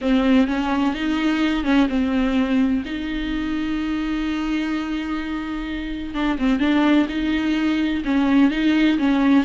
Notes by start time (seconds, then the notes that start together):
0.01 C4
0.47 C#4
0.94 D#4
1.64 C#4
1.89 C4
2.85 D#4
6.14 D4
6.38 C4
6.59 D4
7.08 D#4
8.04 C#4
8.50 D#4
8.98 C#4